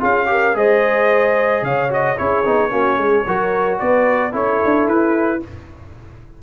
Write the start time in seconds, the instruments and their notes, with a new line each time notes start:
0.00 tuba C#4, trombone F4, horn G#4, trumpet F5
0.26 trombone G4, horn A#4
0.54 tuba G#3, trombone G#4, horn C5, trumpet D#5
1.62 tuba C#3, horn C#5, trumpet F5
1.89 trombone F#4, trumpet D#5
2.17 tuba C#4, trombone E4, horn G#4, trumpet C#5
2.44 tuba B3, trombone D#4
2.70 tuba A#3, trombone C#4, horn F#4
2.98 tuba G#3, horn G#4
3.26 tuba F#3, trombone F#4, horn A#4
3.79 tuba B3, horn B4, trumpet D5
4.32 tuba C#4, trombone E4, horn A4, trumpet C#5
4.65 tuba D4
4.88 tuba E4, trumpet B4